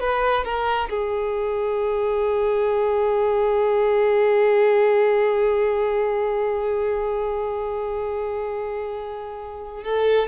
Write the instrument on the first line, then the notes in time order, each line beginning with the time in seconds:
violin
0.00 B4
0.45 A#4
0.90 G#4
9.84 A4